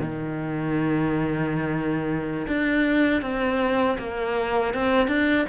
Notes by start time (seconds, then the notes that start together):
0.00 D#3
2.47 D4
3.21 C4
3.98 A#3
4.74 C4
5.07 D4